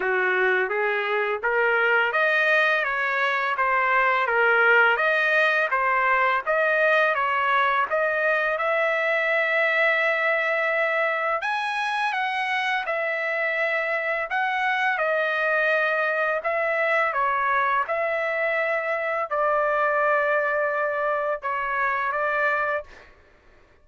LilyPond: \new Staff \with { instrumentName = "trumpet" } { \time 4/4 \tempo 4 = 84 fis'4 gis'4 ais'4 dis''4 | cis''4 c''4 ais'4 dis''4 | c''4 dis''4 cis''4 dis''4 | e''1 |
gis''4 fis''4 e''2 | fis''4 dis''2 e''4 | cis''4 e''2 d''4~ | d''2 cis''4 d''4 | }